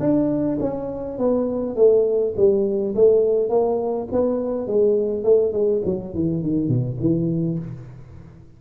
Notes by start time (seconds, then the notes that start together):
0.00 D4
0.60 C#4
1.19 B3
1.76 A3
2.37 G3
2.96 A3
3.50 A#3
4.12 B3
4.68 G#3
5.24 A3
5.53 G#3
5.85 F#3
6.14 E3
6.43 D#3
6.69 B2
7.00 E3